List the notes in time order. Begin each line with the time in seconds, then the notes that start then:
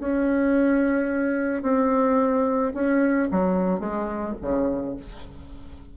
0.00 C#4
1.63 C4
2.74 C#4
3.32 F#3
3.80 G#3
4.42 C#3